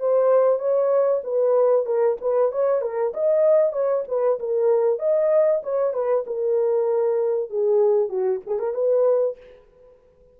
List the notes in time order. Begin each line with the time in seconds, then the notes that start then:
0.00 C5
0.59 C#5
1.24 B4
1.86 A#4
2.21 B4
2.52 C#5
2.82 A#4
3.14 D#5
3.73 C#5
4.08 B4
4.39 A#4
4.99 D#5
5.63 C#5
5.94 B4
6.27 A#4
7.50 G#4
8.09 F#4
8.47 G#4
8.59 A#4
8.74 B4